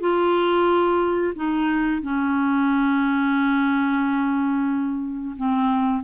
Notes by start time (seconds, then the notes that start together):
0.00 F4
1.35 D#4
2.02 C#4
5.36 C4